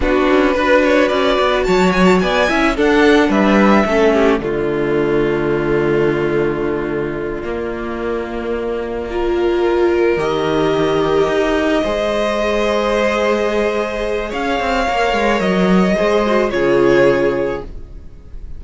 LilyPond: <<
  \new Staff \with { instrumentName = "violin" } { \time 4/4 \tempo 4 = 109 b'2. a''8 gis''16 a''16 | gis''4 fis''4 e''2 | d''1~ | d''1~ |
d''2~ d''8 dis''4.~ | dis''1~ | dis''2 f''2 | dis''2 cis''2 | }
  \new Staff \with { instrumentName = "violin" } { \time 4/4 fis'4 b'8 cis''8 d''4 cis''4 | d''8 e''8 a'4 b'4 a'8 g'8 | f'1~ | f'1~ |
f'8 ais'2.~ ais'8~ | ais'4. c''2~ c''8~ | c''2 cis''2~ | cis''4 c''4 gis'2 | }
  \new Staff \with { instrumentName = "viola" } { \time 4/4 d'4 fis'2.~ | fis'8 e'8 d'2 cis'4 | a1~ | a4. ais2~ ais8~ |
ais8 f'2 g'4.~ | g'4. gis'2~ gis'8~ | gis'2. ais'4~ | ais'4 gis'8 fis'8 f'2 | }
  \new Staff \with { instrumentName = "cello" } { \time 4/4 b8 cis'8 d'4 cis'8 b8 fis4 | b8 cis'8 d'4 g4 a4 | d1~ | d4. ais2~ ais8~ |
ais2~ ais8 dis4.~ | dis8 dis'4 gis2~ gis8~ | gis2 cis'8 c'8 ais8 gis8 | fis4 gis4 cis2 | }
>>